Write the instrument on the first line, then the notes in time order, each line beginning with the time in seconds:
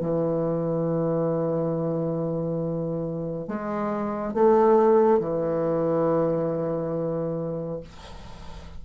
bassoon
0.00 E3
3.48 G#3
4.34 A3
5.19 E3